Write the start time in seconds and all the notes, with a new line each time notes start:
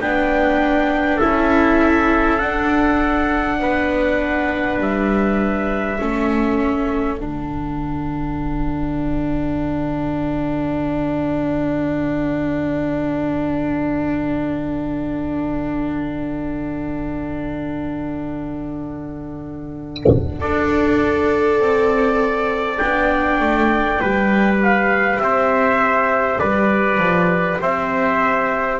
0.00 B3 D4 B4 G5
1.17 E4 A4 E5
1.23 C#4
2.39 D4 F#5
3.59 B3 B4
4.79 G3 E5
5.99 A3 C#4 A4
7.18 D3 D4 F#5
20.40 D4 A4 D5
21.59 C4
22.78 B3 D4 G5
23.40 A3
24.00 G3 G4 B4
24.63 F5
25.20 C4 C5 E5
26.39 G3 B4 D5
26.98 F3
27.62 C4 C5 E5